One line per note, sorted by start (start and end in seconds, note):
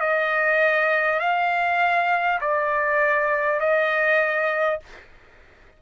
0.00 1.19 D#5
1.19 2.39 F5
2.41 3.61 D5
3.61 4.81 D#5